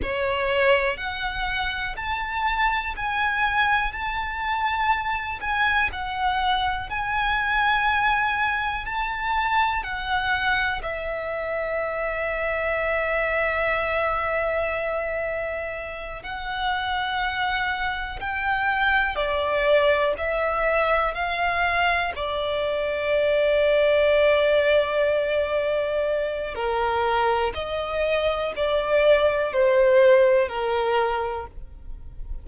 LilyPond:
\new Staff \with { instrumentName = "violin" } { \time 4/4 \tempo 4 = 61 cis''4 fis''4 a''4 gis''4 | a''4. gis''8 fis''4 gis''4~ | gis''4 a''4 fis''4 e''4~ | e''1~ |
e''8 fis''2 g''4 d''8~ | d''8 e''4 f''4 d''4.~ | d''2. ais'4 | dis''4 d''4 c''4 ais'4 | }